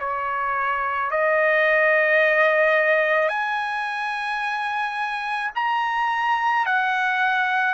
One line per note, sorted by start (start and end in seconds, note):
0.00 1.11 C#5
1.11 3.29 D#5
3.29 5.51 G#5
5.56 6.66 A#5
6.66 7.74 F#5